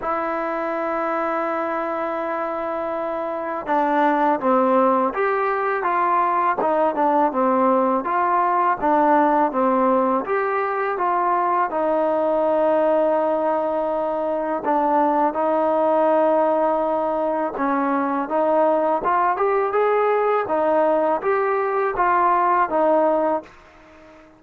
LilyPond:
\new Staff \with { instrumentName = "trombone" } { \time 4/4 \tempo 4 = 82 e'1~ | e'4 d'4 c'4 g'4 | f'4 dis'8 d'8 c'4 f'4 | d'4 c'4 g'4 f'4 |
dis'1 | d'4 dis'2. | cis'4 dis'4 f'8 g'8 gis'4 | dis'4 g'4 f'4 dis'4 | }